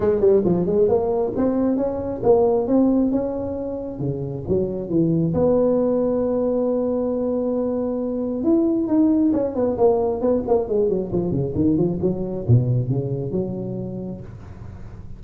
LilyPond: \new Staff \with { instrumentName = "tuba" } { \time 4/4 \tempo 4 = 135 gis8 g8 f8 gis8 ais4 c'4 | cis'4 ais4 c'4 cis'4~ | cis'4 cis4 fis4 e4 | b1~ |
b2. e'4 | dis'4 cis'8 b8 ais4 b8 ais8 | gis8 fis8 f8 cis8 dis8 f8 fis4 | b,4 cis4 fis2 | }